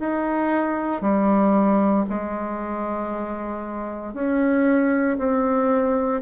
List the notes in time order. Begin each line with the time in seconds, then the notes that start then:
0.00 D#4
1.02 G3
2.10 G#3
4.14 C#4
5.19 C4